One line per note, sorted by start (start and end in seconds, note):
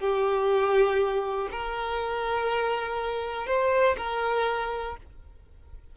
0.00 1.49 G4
1.52 3.47 A#4
3.47 3.97 C5
3.98 4.97 A#4